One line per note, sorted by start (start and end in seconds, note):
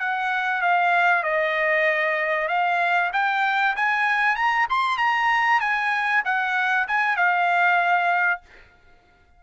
0.00 0.62 F#5
0.62 1.24 F5
1.24 2.49 D#5
2.49 3.11 F5
3.13 3.76 G5
3.76 4.36 G#5
4.36 4.67 A#5
4.70 4.98 C6
4.98 5.61 A#5
5.61 6.23 G#5
6.25 6.88 F#5
6.88 7.17 G#5
7.17 8.42 F5